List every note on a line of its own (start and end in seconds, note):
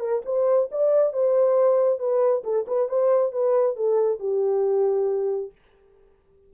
0.00 0.22 A#4
0.26 0.70 C5
0.72 1.13 D5
1.13 1.99 C5
1.99 2.43 B4
2.44 2.66 A4
2.68 2.89 B4
2.89 3.33 C5
3.33 3.76 B4
3.76 4.20 A4
4.20 5.52 G4